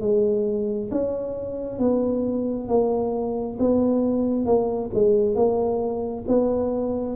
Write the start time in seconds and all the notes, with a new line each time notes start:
0.00 G#3
0.91 C#4
1.79 B3
2.67 A#3
3.59 B3
4.45 A#3
4.93 G#3
5.35 A#3
6.27 B3